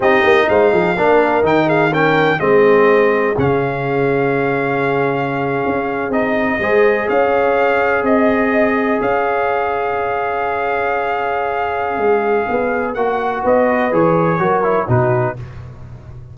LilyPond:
<<
  \new Staff \with { instrumentName = "trumpet" } { \time 4/4 \tempo 4 = 125 dis''4 f''2 g''8 f''8 | g''4 dis''2 f''4~ | f''1~ | f''8. dis''2 f''4~ f''16~ |
f''8. dis''2 f''4~ f''16~ | f''1~ | f''2. fis''4 | dis''4 cis''2 b'4 | }
  \new Staff \with { instrumentName = "horn" } { \time 4/4 g'4 c''8 gis'8 ais'4. gis'8 | ais'4 gis'2.~ | gis'1~ | gis'4.~ gis'16 c''4 cis''4~ cis''16~ |
cis''8. dis''2 cis''4~ cis''16~ | cis''1~ | cis''1 | b'2 ais'4 fis'4 | }
  \new Staff \with { instrumentName = "trombone" } { \time 4/4 dis'2 d'4 dis'4 | cis'4 c'2 cis'4~ | cis'1~ | cis'8. dis'4 gis'2~ gis'16~ |
gis'1~ | gis'1~ | gis'2. fis'4~ | fis'4 gis'4 fis'8 e'8 dis'4 | }
  \new Staff \with { instrumentName = "tuba" } { \time 4/4 c'8 ais8 gis8 f8 ais4 dis4~ | dis4 gis2 cis4~ | cis2.~ cis8. cis'16~ | cis'8. c'4 gis4 cis'4~ cis'16~ |
cis'8. c'2 cis'4~ cis'16~ | cis'1~ | cis'4 gis4 b4 ais4 | b4 e4 fis4 b,4 | }
>>